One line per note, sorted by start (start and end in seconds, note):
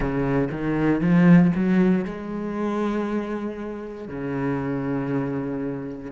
0.00 0.48 C#3
0.51 1.00 D#3
1.00 1.51 F3
1.55 2.04 F#3
2.04 4.08 G#3
4.08 6.11 C#3